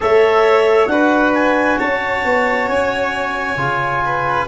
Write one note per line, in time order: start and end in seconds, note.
0.00 0.88 A3
0.00 0.89 A4
0.00 0.91 C#5
0.00 0.87 E5
0.87 1.77 D4
0.87 3.57 F#4
0.87 1.78 B4
0.87 1.32 F#5
1.34 1.78 G#5
1.78 2.24 C#4
1.78 4.02 C#5
1.78 2.68 A5
2.24 2.68 B3
2.68 3.56 C#4
2.68 4.47 G#5
3.56 4.46 C#3
3.56 4.47 F4
4.05 4.48 B4